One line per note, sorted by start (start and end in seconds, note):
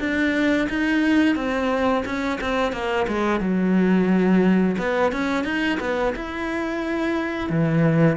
0.00 0.68 D4
0.69 1.36 D#4
1.36 2.04 C4
2.05 2.40 C#4
2.41 2.73 C4
2.73 3.07 A#3
3.08 3.40 G#3
3.40 4.77 F#3
4.78 5.12 B3
5.13 5.45 C#4
5.45 5.79 D#4
5.80 6.14 B3
6.16 7.50 E4
7.50 8.17 E3